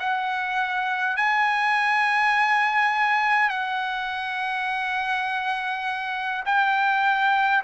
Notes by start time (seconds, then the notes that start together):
0.00 F#5
1.17 G#5
3.50 F#5
6.46 G5